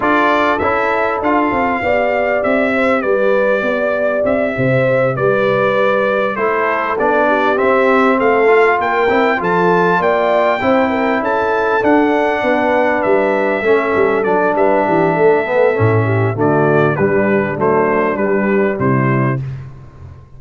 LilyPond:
<<
  \new Staff \with { instrumentName = "trumpet" } { \time 4/4 \tempo 4 = 99 d''4 e''4 f''2 | e''4 d''2 e''4~ | e''8 d''2 c''4 d''8~ | d''8 e''4 f''4 g''4 a''8~ |
a''8 g''2 a''4 fis''8~ | fis''4. e''2 d''8 | e''2. d''4 | b'4 c''4 b'4 c''4 | }
  \new Staff \with { instrumentName = "horn" } { \time 4/4 a'2. d''4~ | d''8 c''8 b'4 d''4. c''8~ | c''8 b'2 a'4. | g'4. a'4 ais'4 a'8~ |
a'8 d''4 c''8 ais'8 a'4.~ | a'8 b'2 a'4. | b'8 g'8 a'4. g'8 fis'4 | d'2. e'4 | }
  \new Staff \with { instrumentName = "trombone" } { \time 4/4 f'4 e'4 f'4 g'4~ | g'1~ | g'2~ g'8 e'4 d'8~ | d'8 c'4. f'4 e'8 f'8~ |
f'4. e'2 d'8~ | d'2~ d'8 cis'4 d'8~ | d'4. b8 cis'4 a4 | g4 a4 g2 | }
  \new Staff \with { instrumentName = "tuba" } { \time 4/4 d'4 cis'4 d'8 c'8 b4 | c'4 g4 b4 c'8 c8~ | c8 g2 a4 b8~ | b8 c'4 a4 ais8 c'8 f8~ |
f8 ais4 c'4 cis'4 d'8~ | d'8 b4 g4 a8 g8 fis8 | g8 e8 a4 a,4 d4 | g4 fis4 g4 c4 | }
>>